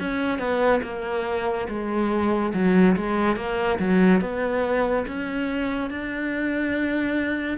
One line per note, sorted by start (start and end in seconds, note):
0.00 0.39 C#4
0.39 0.81 B3
0.83 1.67 A#3
1.69 2.53 G#3
2.54 2.96 F#3
2.97 3.36 G#3
3.36 3.79 A#3
3.79 4.21 F#3
4.21 5.06 B3
5.07 5.90 C#4
5.90 7.58 D4